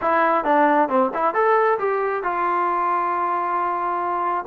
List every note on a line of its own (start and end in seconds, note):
0.01 0.44 E4
0.44 0.88 D4
0.88 1.11 C4
1.14 1.34 E4
1.34 1.78 A4
1.78 2.23 G4
2.23 4.45 F4